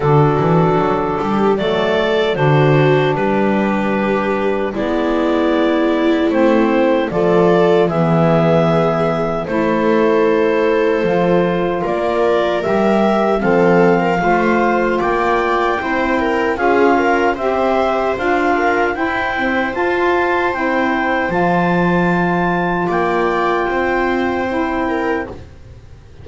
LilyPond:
<<
  \new Staff \with { instrumentName = "clarinet" } { \time 4/4 \tempo 4 = 76 a'2 d''4 c''4 | b'2 d''2 | c''4 d''4 e''2 | c''2. d''4 |
e''4 f''2 g''4~ | g''4 f''4 e''4 f''4 | g''4 a''4 g''4 a''4~ | a''4 g''2. | }
  \new Staff \with { instrumentName = "viola" } { \time 4/4 fis'4. g'8 a'4 fis'4 | g'2 e'2~ | e'4 a'4 gis'2 | a'2. ais'4~ |
ais'4 a'8. ais'16 c''4 d''4 | c''8 ais'8 gis'8 ais'8 c''4. ais'8 | c''1~ | c''4 d''4 c''4. ais'8 | }
  \new Staff \with { instrumentName = "saxophone" } { \time 4/4 d'2 a4 d'4~ | d'2 b2 | c'4 f'4 b2 | e'2 f'2 |
g'4 c'4 f'2 | e'4 f'4 g'4 f'4 | e'8 c'8 f'4 e'4 f'4~ | f'2. e'4 | }
  \new Staff \with { instrumentName = "double bass" } { \time 4/4 d8 e8 fis8 g8 fis4 d4 | g2 gis2 | a4 f4 e2 | a2 f4 ais4 |
g4 f4 a4 ais4 | c'4 cis'4 c'4 d'4 | e'4 f'4 c'4 f4~ | f4 ais4 c'2 | }
>>